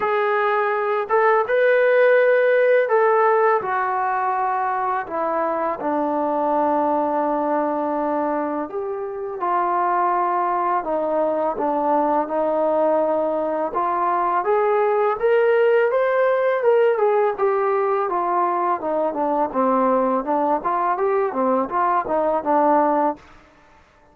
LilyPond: \new Staff \with { instrumentName = "trombone" } { \time 4/4 \tempo 4 = 83 gis'4. a'8 b'2 | a'4 fis'2 e'4 | d'1 | g'4 f'2 dis'4 |
d'4 dis'2 f'4 | gis'4 ais'4 c''4 ais'8 gis'8 | g'4 f'4 dis'8 d'8 c'4 | d'8 f'8 g'8 c'8 f'8 dis'8 d'4 | }